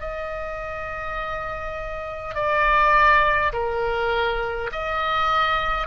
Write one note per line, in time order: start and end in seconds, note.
0.00 2.35 D#5
2.35 3.52 D5
3.53 4.71 A#4
4.72 5.87 D#5